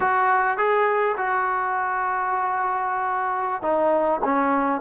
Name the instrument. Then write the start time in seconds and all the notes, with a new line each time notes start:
trombone
0.00 F#4
0.57 G#4
1.17 F#4
3.62 D#4
4.24 C#4